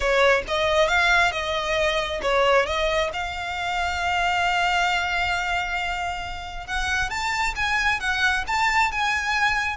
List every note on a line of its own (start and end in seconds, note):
0.00 0.42 C#5
0.47 0.88 D#5
0.88 1.31 F5
1.31 2.20 D#5
2.21 2.66 C#5
2.66 3.10 D#5
3.13 6.66 F5
6.66 7.09 F#5
7.09 7.54 A5
7.55 8.00 G#5
8.00 8.44 F#5
8.47 8.91 A5
8.91 9.77 G#5